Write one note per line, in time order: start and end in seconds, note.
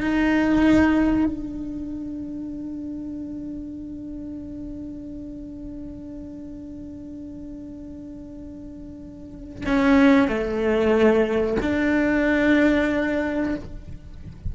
0.00 1.25 D#4
1.25 9.64 D4
9.66 10.28 C#4
10.28 11.57 A3
11.62 13.55 D4